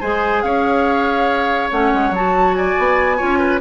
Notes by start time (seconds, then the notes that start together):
0.00 G#3 G#4 C5 G#5
0.41 C#4 C#5 F5
1.71 A3 C#4 F#5
1.93 G#3
2.10 F#3 F#4 A5
2.54 D5 G#5
2.78 B3
3.17 C#4 F4 C#5
3.38 B4